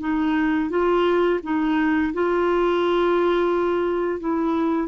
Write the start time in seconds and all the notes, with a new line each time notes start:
0.00 D#4
0.70 F4
1.43 D#4
2.13 F4
4.20 E4